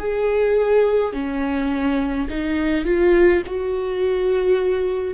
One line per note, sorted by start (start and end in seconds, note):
0.00 1.13 G#4
1.13 2.29 C#4
2.30 2.85 D#4
2.85 3.43 F4
3.47 5.15 F#4